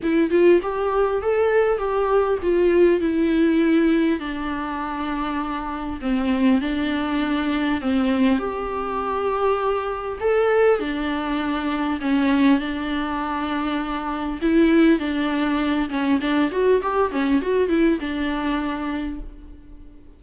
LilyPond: \new Staff \with { instrumentName = "viola" } { \time 4/4 \tempo 4 = 100 e'8 f'8 g'4 a'4 g'4 | f'4 e'2 d'4~ | d'2 c'4 d'4~ | d'4 c'4 g'2~ |
g'4 a'4 d'2 | cis'4 d'2. | e'4 d'4. cis'8 d'8 fis'8 | g'8 cis'8 fis'8 e'8 d'2 | }